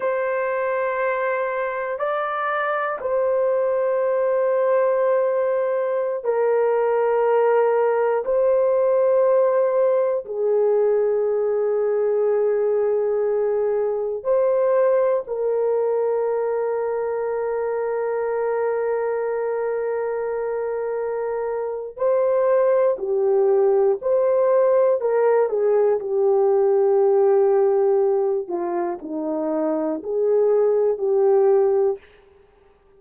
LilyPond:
\new Staff \with { instrumentName = "horn" } { \time 4/4 \tempo 4 = 60 c''2 d''4 c''4~ | c''2~ c''16 ais'4.~ ais'16~ | ais'16 c''2 gis'4.~ gis'16~ | gis'2~ gis'16 c''4 ais'8.~ |
ais'1~ | ais'2 c''4 g'4 | c''4 ais'8 gis'8 g'2~ | g'8 f'8 dis'4 gis'4 g'4 | }